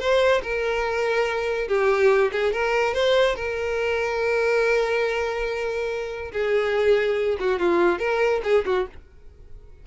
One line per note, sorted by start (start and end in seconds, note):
0.00 0.42 C5
0.43 1.68 A#4
1.68 2.32 G4
2.32 2.53 G#4
2.53 2.94 A#4
2.94 3.36 C5
3.36 6.32 A#4
6.32 7.38 G#4
7.40 7.60 F#4
7.60 7.99 F4
7.99 8.42 A#4
8.44 8.65 G#4
8.66 8.87 F#4